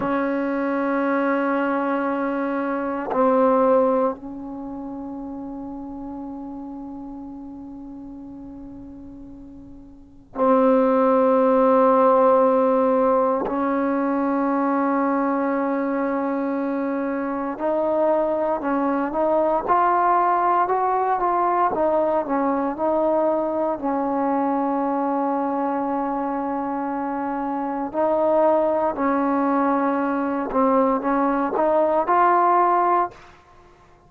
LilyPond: \new Staff \with { instrumentName = "trombone" } { \time 4/4 \tempo 4 = 58 cis'2. c'4 | cis'1~ | cis'2 c'2~ | c'4 cis'2.~ |
cis'4 dis'4 cis'8 dis'8 f'4 | fis'8 f'8 dis'8 cis'8 dis'4 cis'4~ | cis'2. dis'4 | cis'4. c'8 cis'8 dis'8 f'4 | }